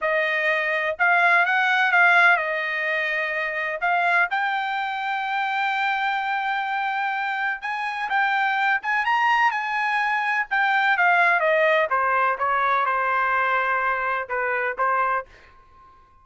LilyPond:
\new Staff \with { instrumentName = "trumpet" } { \time 4/4 \tempo 4 = 126 dis''2 f''4 fis''4 | f''4 dis''2. | f''4 g''2.~ | g''1 |
gis''4 g''4. gis''8 ais''4 | gis''2 g''4 f''4 | dis''4 c''4 cis''4 c''4~ | c''2 b'4 c''4 | }